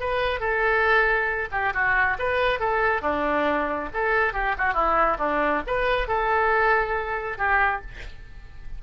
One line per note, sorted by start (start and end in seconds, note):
0.00 0.40 B4
0.40 1.49 A4
1.52 1.73 G4
1.74 2.17 F#4
2.19 2.60 B4
2.60 3.02 A4
3.02 3.89 D4
3.94 4.33 A4
4.33 4.55 G4
4.58 4.74 F#4
4.74 5.17 E4
5.19 5.62 D4
5.67 6.08 B4
6.08 7.38 A4
7.38 7.81 G4